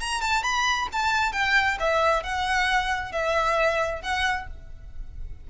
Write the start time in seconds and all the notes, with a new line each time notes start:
0.00 A#5
0.21 A5
0.43 B5
0.92 A5
1.32 G5
1.79 E5
2.23 F#5
3.12 E5
4.02 F#5